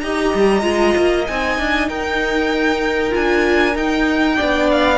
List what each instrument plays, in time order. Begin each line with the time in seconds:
0.00 cello D#4, viola G4, violin D#5 A#5
0.35 cello G3
0.62 cello G#3, viola F4
0.97 cello A#3
1.27 cello C4, viola D#4, violin G#5
1.58 cello D4
1.88 cello D#4, violin A#4 G5
3.10 cello D4, viola F4, violin G#5
3.75 viola D#4, cello D#4, violin G5
4.36 cello B3, viola D4, violin D5
4.71 violin F5